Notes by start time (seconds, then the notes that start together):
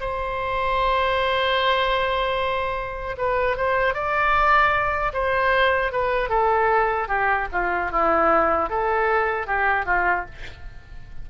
0.00 C5
3.18 B4
3.57 C5
3.94 D5
5.13 C5
5.92 B4
6.29 A4
7.08 G4
7.52 F4
7.91 E4
8.69 A4
9.47 G4
9.86 F4